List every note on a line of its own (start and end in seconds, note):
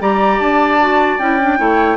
0.00 0.40 G3
0.00 0.80 G4
0.00 1.59 D5
0.00 0.39 A#5
0.39 1.19 D4
0.39 1.19 A5
0.80 1.20 F#4
1.19 1.59 C#4
1.19 1.40 E4
1.19 1.97 G5
1.41 1.58 D4
1.58 1.97 A3
1.58 1.97 E4
1.58 1.97 C#5